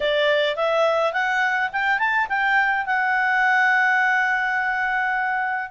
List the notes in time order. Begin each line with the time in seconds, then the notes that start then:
0.00 D5
0.56 E5
1.12 F#5
1.72 G5
1.98 A5
2.29 G5
2.85 F#5